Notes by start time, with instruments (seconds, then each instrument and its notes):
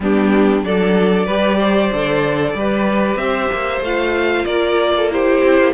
0.00 cello G3, viola B3, violin D4 G4
0.63 cello F#3, viola D4, violin A4 D5
1.25 cello G3, viola G4, violin B4
1.58 violin C5
1.92 cello D3, viola A4
2.54 cello G3, viola G4, violin B4
3.16 cello C4, violin E5
3.22 violin C5
3.52 cello A#3
3.80 cello A3, viola F4, violin F5
4.45 cello A#3, violin A#4 D5
4.96 violin A4
5.10 viola E4, violin G4 C5
5.43 cello C4
5.58 cello A#3